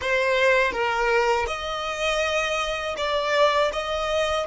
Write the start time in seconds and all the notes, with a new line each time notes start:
0.01 C5
0.72 A#4
1.47 D#5
2.97 D5
3.72 D#5